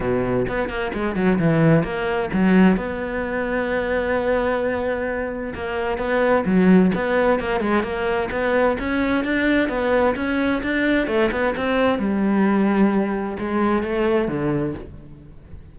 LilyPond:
\new Staff \with { instrumentName = "cello" } { \time 4/4 \tempo 4 = 130 b,4 b8 ais8 gis8 fis8 e4 | ais4 fis4 b2~ | b1 | ais4 b4 fis4 b4 |
ais8 gis8 ais4 b4 cis'4 | d'4 b4 cis'4 d'4 | a8 b8 c'4 g2~ | g4 gis4 a4 d4 | }